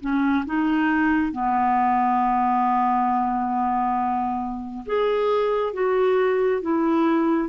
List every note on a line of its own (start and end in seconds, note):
0.00 0.44 C#4
0.45 1.32 D#4
1.32 4.84 B3
4.85 5.73 G#4
5.73 6.61 F#4
6.61 7.48 E4